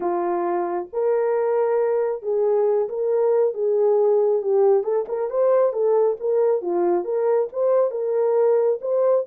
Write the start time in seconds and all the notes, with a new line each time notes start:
0.00 F4
0.93 A#4
2.22 G#4
2.88 A#4
3.53 G#4
4.42 G4
4.83 A4
5.08 A#4
5.30 C5
5.72 A4
6.19 A#4
6.61 F4
7.04 A#4
7.52 C5
7.91 A#4
8.81 C5